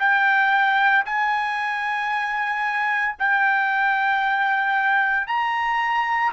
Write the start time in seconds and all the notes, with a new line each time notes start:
0.00 G5
1.06 G#5
3.20 G5
5.27 A#5